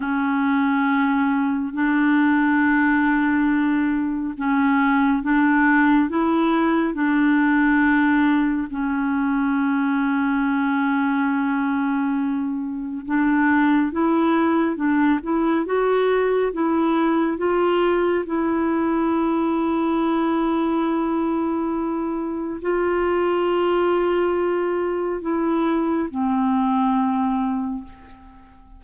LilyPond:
\new Staff \with { instrumentName = "clarinet" } { \time 4/4 \tempo 4 = 69 cis'2 d'2~ | d'4 cis'4 d'4 e'4 | d'2 cis'2~ | cis'2. d'4 |
e'4 d'8 e'8 fis'4 e'4 | f'4 e'2.~ | e'2 f'2~ | f'4 e'4 c'2 | }